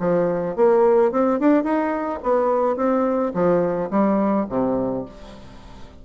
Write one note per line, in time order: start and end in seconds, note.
0.00 0.56 F3
0.57 1.12 A#3
1.12 1.40 C4
1.40 1.64 D4
1.64 2.20 D#4
2.23 2.77 B3
2.77 3.33 C4
3.34 3.90 F3
3.91 4.47 G3
4.49 5.05 C3